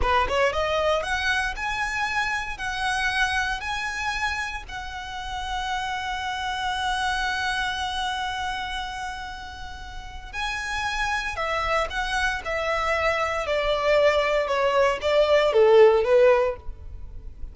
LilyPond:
\new Staff \with { instrumentName = "violin" } { \time 4/4 \tempo 4 = 116 b'8 cis''8 dis''4 fis''4 gis''4~ | gis''4 fis''2 gis''4~ | gis''4 fis''2.~ | fis''1~ |
fis''1 | gis''2 e''4 fis''4 | e''2 d''2 | cis''4 d''4 a'4 b'4 | }